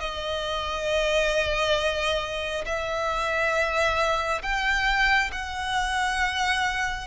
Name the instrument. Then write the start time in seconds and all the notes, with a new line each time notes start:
violin
0.00 D#5
2.66 E5
4.42 G5
5.32 F#5